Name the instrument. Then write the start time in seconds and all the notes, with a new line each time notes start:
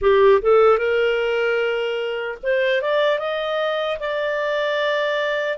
clarinet
0.01 G4
0.41 A4
0.78 A#4
2.42 C5
2.81 D5
3.18 D#5
3.99 D5